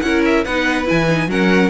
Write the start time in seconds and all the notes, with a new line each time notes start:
0.00 C#4 E4 A#4 F#5
0.25 E5
0.44 B3 D#4 B4 F#5
0.85 E3 E4 G#5
1.09 D#4
1.27 F#3 C#4 A#4 F#5